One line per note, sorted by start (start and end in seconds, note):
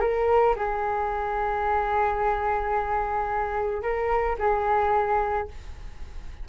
0.00 0.55 A#4
0.55 3.82 G#4
3.82 4.36 A#4
4.38 5.47 G#4